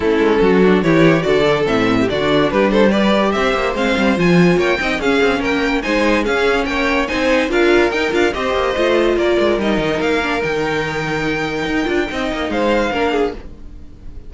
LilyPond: <<
  \new Staff \with { instrumentName = "violin" } { \time 4/4 \tempo 4 = 144 a'2 cis''4 d''4 | e''4 d''4 b'8 c''8 d''4 | e''4 f''4 gis''4 g''4 | f''4 g''4 gis''4 f''4 |
g''4 gis''4 f''4 g''8 f''8 | dis''2 d''4 dis''4 | f''4 g''2.~ | g''2 f''2 | }
  \new Staff \with { instrumentName = "violin" } { \time 4/4 e'4 fis'4 g'4 a'4~ | a'8. g'16 fis'4 g'8 a'8 b'4 | c''2. cis''8 dis''8 | gis'4 ais'4 c''4 gis'4 |
cis''4 c''4 ais'2 | c''2 ais'2~ | ais'1~ | ais'4 dis''4 c''4 ais'8 gis'8 | }
  \new Staff \with { instrumentName = "viola" } { \time 4/4 cis'4. d'8 e'4 fis'8 d'8 | c'4 d'2 g'4~ | g'4 c'4 f'4. dis'8 | cis'2 dis'4 cis'4~ |
cis'4 dis'4 f'4 dis'8 f'8 | g'4 f'2 dis'4~ | dis'8 d'8 dis'2.~ | dis'8 f'8 dis'2 d'4 | }
  \new Staff \with { instrumentName = "cello" } { \time 4/4 a8 gis8 fis4 e4 d4 | a,4 d4 g2 | c'8 ais8 gis8 g8 f4 ais8 c'8 | cis'8 c'8 ais4 gis4 cis'4 |
ais4 c'4 d'4 dis'8 d'8 | c'8 ais8 a4 ais8 gis8 g8 dis8 | ais4 dis2. | dis'8 d'8 c'8 ais8 gis4 ais4 | }
>>